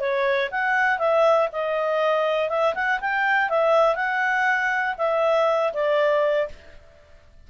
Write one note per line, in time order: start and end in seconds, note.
0.00 0.50 C#5
0.51 0.99 F#5
0.99 1.49 E5
1.52 2.50 D#5
2.50 2.75 E5
2.75 3.00 F#5
3.01 3.50 G5
3.50 3.96 E5
3.96 4.96 F#5
4.98 5.73 E5
5.74 6.49 D5